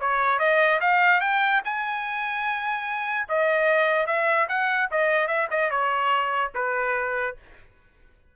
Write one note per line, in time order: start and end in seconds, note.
0.00 0.39 C#5
0.39 0.79 D#5
0.80 1.20 F5
1.20 1.61 G5
1.64 3.28 G#5
3.28 4.06 D#5
4.06 4.47 E5
4.48 4.89 F#5
4.91 5.27 D#5
5.27 5.47 E5
5.50 5.70 D#5
5.70 6.52 C#5
6.54 7.36 B4